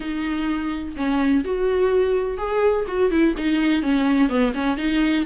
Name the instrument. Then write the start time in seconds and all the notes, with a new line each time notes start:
viola
0.00 D#4
0.96 C#4
1.44 F#4
2.37 G#4
2.87 F#4
3.10 E4
3.37 D#4
3.82 C#4
4.29 B3
4.54 C#4
4.77 D#4